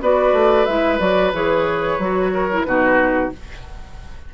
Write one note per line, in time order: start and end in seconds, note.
0.00 0.32 B3
0.00 0.68 F#4
0.00 2.32 B4
0.00 0.65 D5
0.32 0.65 A3
0.65 0.99 G#3
0.65 0.99 E4
0.65 0.98 E5
0.99 1.32 F#3
0.99 1.32 F#4
0.99 1.32 D5
1.32 1.98 E3
1.32 1.99 G#4
1.32 2.63 C#5
1.98 2.64 F#3
1.98 2.48 F#4
2.33 2.66 A#4
2.51 2.66 E4
2.63 3.31 B2
2.63 3.32 D#4
2.63 3.34 F#4
2.63 3.29 B4